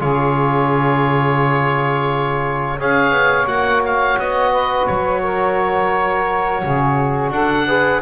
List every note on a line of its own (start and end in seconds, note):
0.00 2.80 C#3
0.00 2.79 F4
0.00 2.78 G#4
0.00 2.80 C#5
2.78 3.11 C#4
2.78 3.47 G#4
2.78 4.52 C#5
2.78 3.47 F5
3.11 3.46 B3
3.47 4.16 A#3
3.47 7.66 F#4
3.47 3.82 F#5
3.86 4.19 F5
4.18 4.88 B3
4.18 4.87 D#5
4.52 5.21 B4
4.87 6.63 F#3
4.87 7.31 C#5
5.23 6.62 A#4
6.63 7.31 C#3
6.63 7.32 G#4
7.31 8.01 D4
7.31 7.66 A4
7.31 8.02 F#5
7.66 8.02 G#4
7.66 8.01 B4